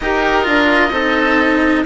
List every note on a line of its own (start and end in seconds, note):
0.00 0.46 D#4
0.00 0.43 G4
0.00 0.92 A#4
0.00 1.85 D#5
0.43 0.90 D4
0.43 0.89 F4
0.90 1.83 C4
0.90 1.85 D#4
0.90 1.84 A4